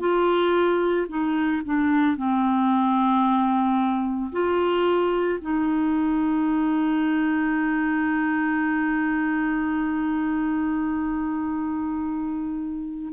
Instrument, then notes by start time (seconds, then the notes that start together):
clarinet
0.00 F4
1.09 D#4
1.65 D4
2.17 C4
4.32 F4
5.42 D#4